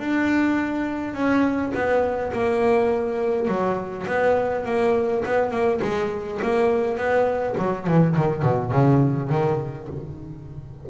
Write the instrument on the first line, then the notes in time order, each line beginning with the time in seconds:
double bass
0.00 D4
1.15 C#4
1.74 B3
2.33 A#3
3.48 F#3
4.08 B3
4.66 A#3
5.26 B3
5.52 A#3
5.83 G#3
6.43 A#3
6.98 B3
7.58 F#3
7.87 E3
8.17 D#3
8.43 B2
8.72 C#3
9.30 D#3